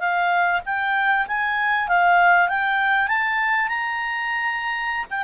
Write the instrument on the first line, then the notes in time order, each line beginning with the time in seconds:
clarinet
0.00 F5
0.66 G5
1.28 G#5
1.88 F5
2.49 G5
3.08 A5
3.68 A#5
5.10 G5